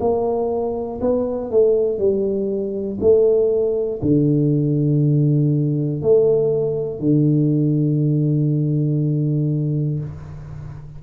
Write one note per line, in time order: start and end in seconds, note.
0.00 1.00 A#3
1.00 1.50 B3
1.50 1.98 A3
1.98 2.98 G3
3.00 4.00 A3
4.01 6.01 D3
6.02 7.00 A3
7.00 10.00 D3